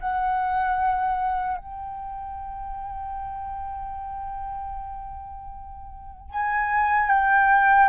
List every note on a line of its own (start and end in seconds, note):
0.00 1.58 F#5
1.58 6.31 G5
6.31 7.09 G#5
7.09 7.88 G5